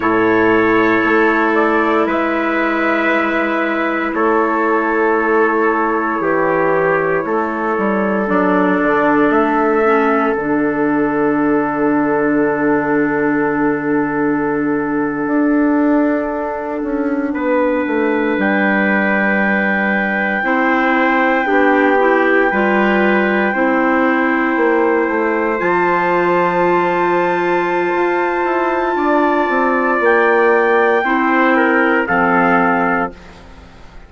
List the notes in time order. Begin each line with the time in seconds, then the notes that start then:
0.00 A2 E4 A4 C#5
1.04 A3
1.54 D5
2.06 G#3 B4 E5
4.13 A3 A4 C#5
6.20 E3 G4
7.24 A3 A4
7.77 G3
8.27 F#3 D4 D5
8.81 D3
9.29 A3 E5
9.84 C#4
10.33 D3 D4 F#5
15.26 D4
16.83 C#4
17.33 B3 B4
17.86 A3
18.37 G3 G5
20.42 C4 E4 C5
21.45 B3 D4 G4
21.99 E4
22.50 G3 F4 B4
23.53 C4 E4 C5
24.56 A#3
25.08 A3
25.58 F3 F4 A5
27.93 F4
28.44 E4
28.95 D4 D5
29.48 C4
30.00 A#3 G5
31.03 C4 E4 C5
31.56 A#4
32.06 F3 C4 A4 F5